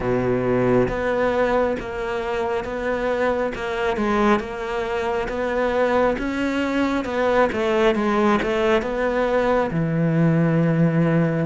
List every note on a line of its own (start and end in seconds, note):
0.00 0.87 B2
0.88 1.76 B3
1.79 2.64 A#3
2.64 3.52 B3
3.55 3.96 A#3
3.96 4.39 G#3
4.39 5.27 A#3
5.28 6.16 B3
6.18 7.05 C#4
7.05 7.49 B3
7.52 7.95 A3
7.95 8.39 G#3
8.42 8.82 A3
8.82 9.70 B3
9.70 11.46 E3